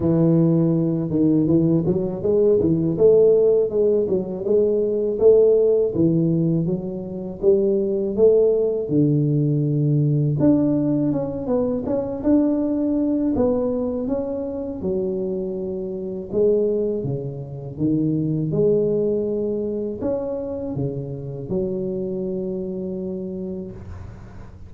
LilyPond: \new Staff \with { instrumentName = "tuba" } { \time 4/4 \tempo 4 = 81 e4. dis8 e8 fis8 gis8 e8 | a4 gis8 fis8 gis4 a4 | e4 fis4 g4 a4 | d2 d'4 cis'8 b8 |
cis'8 d'4. b4 cis'4 | fis2 gis4 cis4 | dis4 gis2 cis'4 | cis4 fis2. | }